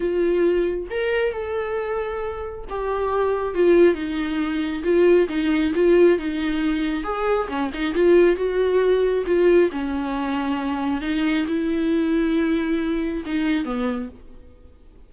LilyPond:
\new Staff \with { instrumentName = "viola" } { \time 4/4 \tempo 4 = 136 f'2 ais'4 a'4~ | a'2 g'2 | f'4 dis'2 f'4 | dis'4 f'4 dis'2 |
gis'4 cis'8 dis'8 f'4 fis'4~ | fis'4 f'4 cis'2~ | cis'4 dis'4 e'2~ | e'2 dis'4 b4 | }